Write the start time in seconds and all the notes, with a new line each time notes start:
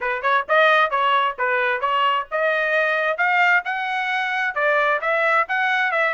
0.01 B4
0.22 C#5
0.48 D#5
0.90 C#5
1.38 B4
1.80 C#5
2.31 D#5
3.17 F5
3.65 F#5
4.54 D5
5.01 E5
5.48 F#5
5.91 E5